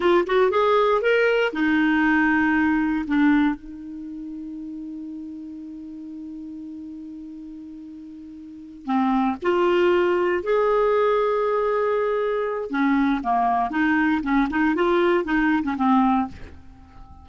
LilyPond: \new Staff \with { instrumentName = "clarinet" } { \time 4/4 \tempo 4 = 118 f'8 fis'8 gis'4 ais'4 dis'4~ | dis'2 d'4 dis'4~ | dis'1~ | dis'1~ |
dis'4. c'4 f'4.~ | f'8 gis'2.~ gis'8~ | gis'4 cis'4 ais4 dis'4 | cis'8 dis'8 f'4 dis'8. cis'16 c'4 | }